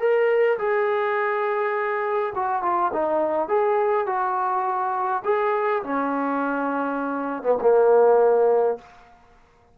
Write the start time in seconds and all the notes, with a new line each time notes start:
0.00 A#4
0.59 G#4
2.35 F#4
2.63 F4
2.93 D#4
3.49 G#4
4.07 F#4
5.25 G#4
5.84 C#4
7.43 B3
7.62 A#3